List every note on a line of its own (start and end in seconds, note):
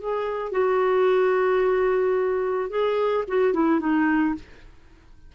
0.00 0.52 G#4
0.52 2.70 F#4
2.70 3.25 G#4
3.28 3.54 F#4
3.54 3.81 E4
3.81 4.35 D#4